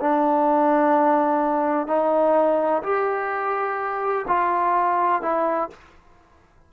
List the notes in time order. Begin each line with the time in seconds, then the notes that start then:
0.00 D4
1.87 D#4
2.83 G4
4.28 F4
5.22 E4